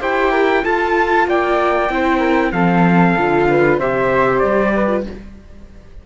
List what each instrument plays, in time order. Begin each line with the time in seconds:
0.00 cello E4, viola G4, flute C5, trumpet G5
0.31 flute A#4
0.62 viola F4, cello F4, flute A4, trumpet A5
1.27 cello A#3, flute D5, trumpet G5
1.89 cello C4, viola E4, flute C5
2.19 flute A#4
2.52 cello F3, viola C4, flute A4, trumpet F5
3.17 cello D3, viola F4
3.49 flute B4
3.78 cello C3, viola G4, flute C5, trumpet E5
4.39 cello G3, trumpet D5
4.75 flute B4
4.87 viola F4